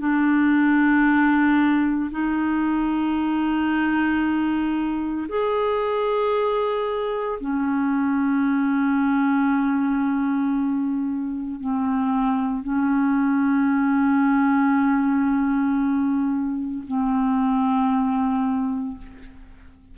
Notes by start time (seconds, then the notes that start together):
0.00 D4
2.11 D#4
5.29 G#4
7.41 C#4
11.60 C4
12.64 C#4
16.87 C4